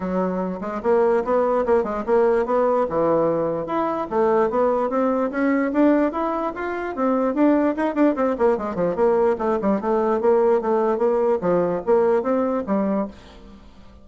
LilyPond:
\new Staff \with { instrumentName = "bassoon" } { \time 4/4 \tempo 4 = 147 fis4. gis8 ais4 b4 | ais8 gis8 ais4 b4 e4~ | e4 e'4 a4 b4 | c'4 cis'4 d'4 e'4 |
f'4 c'4 d'4 dis'8 d'8 | c'8 ais8 gis8 f8 ais4 a8 g8 | a4 ais4 a4 ais4 | f4 ais4 c'4 g4 | }